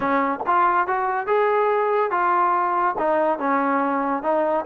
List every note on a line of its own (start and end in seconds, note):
0.00 0.39 C#4
0.46 0.87 F4
0.87 1.26 F#4
1.26 2.10 G#4
2.10 2.95 F4
2.98 3.38 D#4
3.38 4.23 C#4
4.23 4.65 D#4